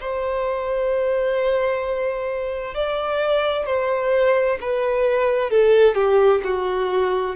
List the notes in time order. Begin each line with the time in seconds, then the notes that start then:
0.00 C5
2.74 D5
3.66 C5
4.60 B4
5.50 A4
5.95 G4
6.44 F#4